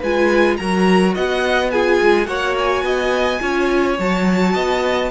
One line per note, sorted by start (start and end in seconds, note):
0.00 0.59 G#3
0.00 0.59 F4
0.00 0.57 B4
0.00 0.57 G#5
0.57 1.16 F#3
0.57 1.72 F#4
0.57 1.15 A#4
0.57 1.13 A#5
1.15 2.02 B3
1.15 1.71 D#5
1.15 1.71 F#5
1.71 2.26 F4
1.71 2.28 G#4
1.71 2.27 G#5
2.02 2.27 G#3
2.26 2.83 A#3
2.26 3.39 F#4
2.26 2.84 C#5
2.26 2.55 F#5
2.58 3.99 G#5
2.83 3.39 B3
2.83 3.42 D#5
3.40 3.99 C#4
3.40 3.97 F4
3.40 4.54 C#5
3.99 4.55 F#3
3.99 5.10 F#4
3.99 5.10 A5
4.54 5.10 B3
4.54 5.10 D#5